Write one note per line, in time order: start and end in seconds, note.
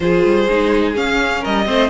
0.00 0.23 F3
0.00 0.48 F4
0.00 1.40 G#4
0.00 0.95 C5
0.24 0.48 G3
0.49 0.96 G#3
0.49 0.94 D#4
0.94 1.65 C#4
0.94 1.44 C#4
0.94 1.44 F5
1.40 1.68 G3
1.40 1.64 A#4
1.40 1.89 D#5
1.65 1.89 A3
1.65 1.89 C4
1.65 1.89 C5